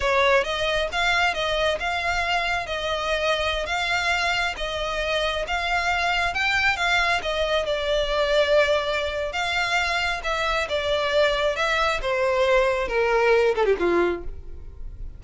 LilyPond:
\new Staff \with { instrumentName = "violin" } { \time 4/4 \tempo 4 = 135 cis''4 dis''4 f''4 dis''4 | f''2 dis''2~ | dis''16 f''2 dis''4.~ dis''16~ | dis''16 f''2 g''4 f''8.~ |
f''16 dis''4 d''2~ d''8.~ | d''4 f''2 e''4 | d''2 e''4 c''4~ | c''4 ais'4. a'16 g'16 f'4 | }